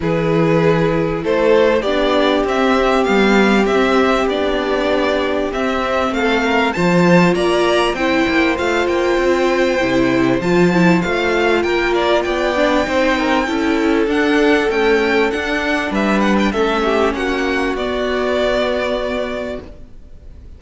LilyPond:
<<
  \new Staff \with { instrumentName = "violin" } { \time 4/4 \tempo 4 = 98 b'2 c''4 d''4 | e''4 f''4 e''4 d''4~ | d''4 e''4 f''4 a''4 | ais''4 g''4 f''8 g''4.~ |
g''4 a''4 f''4 g''8 d''8 | g''2. fis''4 | g''4 fis''4 e''8 fis''16 g''16 e''4 | fis''4 d''2. | }
  \new Staff \with { instrumentName = "violin" } { \time 4/4 gis'2 a'4 g'4~ | g'1~ | g'2 a'8 ais'8 c''4 | d''4 c''2.~ |
c''2. ais'4 | d''4 c''8 ais'8 a'2~ | a'2 b'4 a'8 g'8 | fis'1 | }
  \new Staff \with { instrumentName = "viola" } { \time 4/4 e'2. d'4 | c'4 b4 c'4 d'4~ | d'4 c'2 f'4~ | f'4 e'4 f'2 |
e'4 f'8 e'8 f'2~ | f'8 d'8 dis'4 e'4 d'4 | a4 d'2 cis'4~ | cis'4 b2. | }
  \new Staff \with { instrumentName = "cello" } { \time 4/4 e2 a4 b4 | c'4 g4 c'4 b4~ | b4 c'4 a4 f4 | ais4 c'8 ais8 a8 ais8 c'4 |
c4 f4 a4 ais4 | b4 c'4 cis'4 d'4 | cis'4 d'4 g4 a4 | ais4 b2. | }
>>